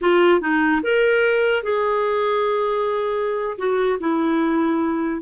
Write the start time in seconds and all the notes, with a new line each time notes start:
0.01 F4
0.40 D#4
0.82 A#4
1.63 G#4
3.58 F#4
3.99 E4